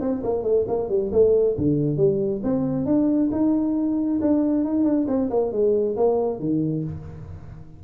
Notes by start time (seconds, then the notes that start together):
0.00 C4
0.23 A#3
0.43 A3
0.67 A#3
0.89 G3
1.11 A3
1.57 D3
1.97 G3
2.43 C4
2.85 D4
3.31 D#4
4.21 D4
4.64 D#4
4.84 D4
5.07 C4
5.30 A#3
5.51 G#3
5.96 A#3
6.39 D#3